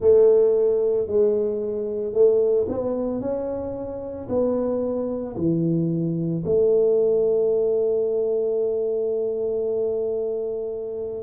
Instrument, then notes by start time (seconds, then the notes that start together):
tuba
0.00 A3
1.07 G#3
2.13 A3
2.68 B3
3.20 C#4
4.29 B3
5.36 E3
6.45 A3